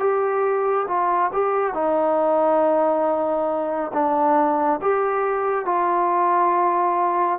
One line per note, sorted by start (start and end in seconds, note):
0.00 0.87 G4
0.88 1.32 F4
1.34 1.75 G4
1.75 3.92 D#4
3.94 4.81 D4
4.82 5.66 G4
5.66 7.40 F4